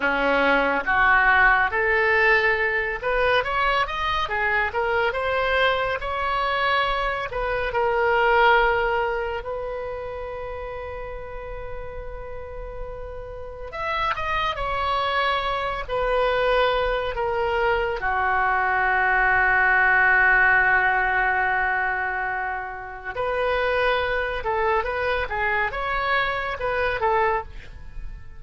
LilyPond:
\new Staff \with { instrumentName = "oboe" } { \time 4/4 \tempo 4 = 70 cis'4 fis'4 a'4. b'8 | cis''8 dis''8 gis'8 ais'8 c''4 cis''4~ | cis''8 b'8 ais'2 b'4~ | b'1 |
e''8 dis''8 cis''4. b'4. | ais'4 fis'2.~ | fis'2. b'4~ | b'8 a'8 b'8 gis'8 cis''4 b'8 a'8 | }